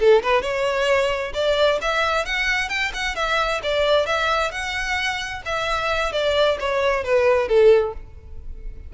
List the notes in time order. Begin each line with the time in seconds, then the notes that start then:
0.00 A4
0.23 B4
0.42 C#5
1.34 D5
1.82 E5
2.26 F#5
2.69 G5
2.94 F#5
3.16 E5
3.64 D5
4.07 E5
4.52 F#5
5.46 E5
6.13 D5
6.60 C#5
7.04 B4
7.49 A4